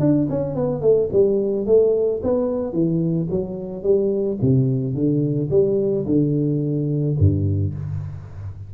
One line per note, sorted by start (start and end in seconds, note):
0.00 0.28 D4
0.30 0.55 C#4
0.55 0.81 B3
0.81 1.09 A3
1.12 1.66 G3
1.66 2.21 A3
2.23 2.72 B3
2.72 3.28 E3
3.31 3.83 F#3
3.83 4.38 G3
4.42 4.94 C3
4.94 5.49 D3
5.50 6.06 G3
6.06 7.16 D3
7.19 7.74 G2